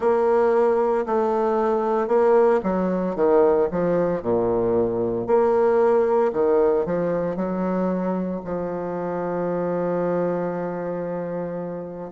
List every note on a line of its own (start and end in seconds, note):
0.00 1.05 A#3
1.05 2.07 A3
2.07 2.60 A#3
2.63 3.15 F#3
3.15 3.68 D#3
3.71 4.22 F3
4.22 5.26 A#2
5.26 6.32 A#3
6.33 6.85 D#3
6.85 7.35 F3
7.35 8.41 F#3
8.44 12.11 F3